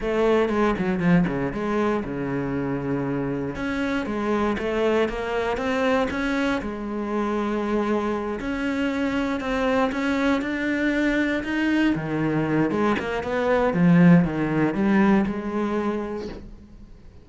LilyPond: \new Staff \with { instrumentName = "cello" } { \time 4/4 \tempo 4 = 118 a4 gis8 fis8 f8 cis8 gis4 | cis2. cis'4 | gis4 a4 ais4 c'4 | cis'4 gis2.~ |
gis8 cis'2 c'4 cis'8~ | cis'8 d'2 dis'4 dis8~ | dis4 gis8 ais8 b4 f4 | dis4 g4 gis2 | }